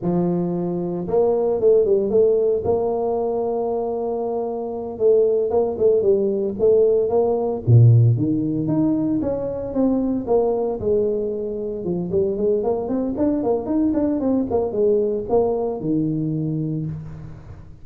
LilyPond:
\new Staff \with { instrumentName = "tuba" } { \time 4/4 \tempo 4 = 114 f2 ais4 a8 g8 | a4 ais2.~ | ais4. a4 ais8 a8 g8~ | g8 a4 ais4 ais,4 dis8~ |
dis8 dis'4 cis'4 c'4 ais8~ | ais8 gis2 f8 g8 gis8 | ais8 c'8 d'8 ais8 dis'8 d'8 c'8 ais8 | gis4 ais4 dis2 | }